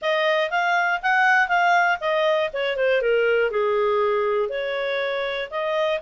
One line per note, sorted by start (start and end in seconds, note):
0.01 0.50 D#5
0.50 1.00 F5
1.02 1.48 F#5
1.48 1.98 F5
2.00 2.50 D#5
2.53 2.76 C#5
2.76 3.01 C5
3.01 3.50 A#4
3.50 4.49 G#4
4.49 5.49 C#5
5.50 6.00 D#5